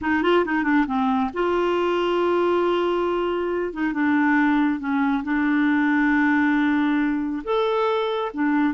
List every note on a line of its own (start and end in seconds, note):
0.01 0.22 D#4
0.22 0.44 F4
0.45 0.63 D#4
0.63 0.85 D4
0.86 1.30 C4
1.33 3.73 F4
3.73 3.93 D#4
3.93 4.79 D4
4.79 5.23 C#4
5.23 7.42 D4
7.44 8.31 A4
8.33 8.74 D4